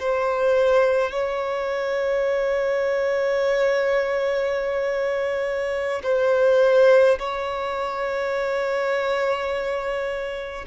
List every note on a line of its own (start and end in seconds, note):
0.00 1.12 C5
1.12 6.02 C#5
6.03 7.19 C5
7.19 10.65 C#5